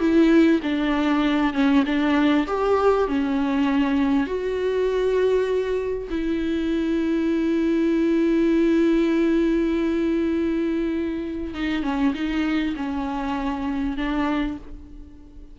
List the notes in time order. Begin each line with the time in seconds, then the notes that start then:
0.00 E4
0.63 D4
1.53 C#4
1.86 D4
2.47 G4
3.08 C#4
4.26 F#4
6.10 E4
11.54 D#4
11.83 C#4
12.14 D#4
12.76 C#4
13.97 D4